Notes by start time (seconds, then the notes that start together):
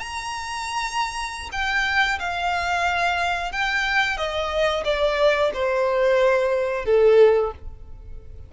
0.00 A#5
1.52 G5
2.20 F5
3.52 G5
4.17 D#5
4.85 D5
5.54 C5
6.86 A4